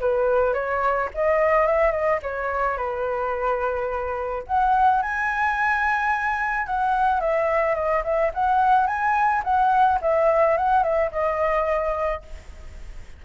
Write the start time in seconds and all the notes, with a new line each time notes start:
0.00 B4
0.54 C#5
1.14 D#5
1.66 E5
1.92 D#5
2.22 C#5
2.77 B4
4.47 F#5
5.02 G#5
6.66 F#5
7.20 E5
7.75 D#5
8.04 E5
8.34 F#5
8.87 G#5
9.44 F#5
10.02 E5
10.57 F#5
10.83 E5
11.11 D#5